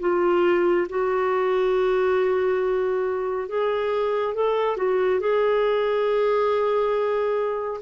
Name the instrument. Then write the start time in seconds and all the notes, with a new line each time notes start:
clarinet
0.00 F4
0.89 F#4
3.48 G#4
4.34 A4
4.76 F#4
5.20 G#4